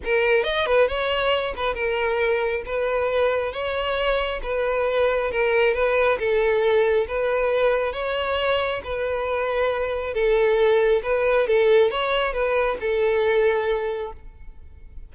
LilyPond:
\new Staff \with { instrumentName = "violin" } { \time 4/4 \tempo 4 = 136 ais'4 dis''8 b'8 cis''4. b'8 | ais'2 b'2 | cis''2 b'2 | ais'4 b'4 a'2 |
b'2 cis''2 | b'2. a'4~ | a'4 b'4 a'4 cis''4 | b'4 a'2. | }